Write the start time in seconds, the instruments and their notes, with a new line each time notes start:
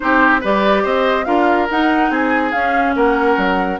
0.00 bassoon C4, clarinet D#4, oboe G4, flute C5
0.40 bassoon G3, clarinet G4, oboe B4, flute D5
0.83 bassoon C4, oboe C5, flute D#5
1.25 bassoon D4, clarinet F4, oboe A#4, flute F5
1.70 bassoon D#4, clarinet D#4, flute F#5
2.10 bassoon C4, oboe G#4, flute G#5
2.51 clarinet C#4, bassoon C#4, flute F5
2.95 bassoon A#3, oboe A#4, flute F#5
3.37 bassoon F#3